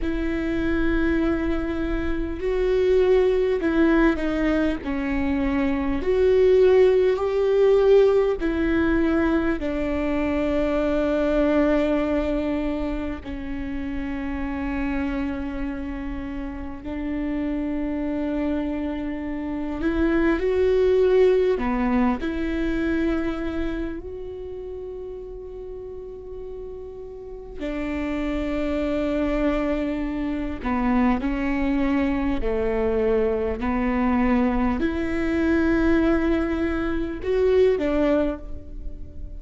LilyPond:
\new Staff \with { instrumentName = "viola" } { \time 4/4 \tempo 4 = 50 e'2 fis'4 e'8 dis'8 | cis'4 fis'4 g'4 e'4 | d'2. cis'4~ | cis'2 d'2~ |
d'8 e'8 fis'4 b8 e'4. | fis'2. d'4~ | d'4. b8 cis'4 a4 | b4 e'2 fis'8 d'8 | }